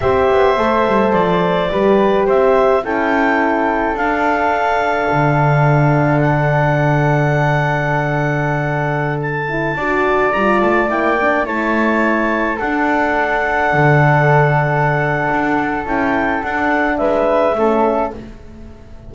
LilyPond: <<
  \new Staff \with { instrumentName = "clarinet" } { \time 4/4 \tempo 4 = 106 e''2 d''2 | e''4 g''2 f''4~ | f''2. fis''4~ | fis''1~ |
fis''16 a''2 ais''8 a''8 g''8.~ | g''16 a''2 fis''4.~ fis''16~ | fis''1 | g''4 fis''4 e''2 | }
  \new Staff \with { instrumentName = "flute" } { \time 4/4 c''2. b'4 | c''4 a'2.~ | a'1~ | a'1~ |
a'4~ a'16 d''2~ d''8.~ | d''16 cis''2 a'4.~ a'16~ | a'1~ | a'2 b'4 a'4 | }
  \new Staff \with { instrumentName = "horn" } { \time 4/4 g'4 a'2 g'4~ | g'4 e'2 d'4~ | d'1~ | d'1~ |
d'8. e'8 fis'4 f'4 e'8 d'16~ | d'16 e'2 d'4.~ d'16~ | d'1 | e'4 d'2 cis'4 | }
  \new Staff \with { instrumentName = "double bass" } { \time 4/4 c'8 b8 a8 g8 f4 g4 | c'4 cis'2 d'4~ | d'4 d2.~ | d1~ |
d4~ d16 d'4 g8 a8 ais8.~ | ais16 a2 d'4.~ d'16~ | d'16 d2~ d8. d'4 | cis'4 d'4 gis4 a4 | }
>>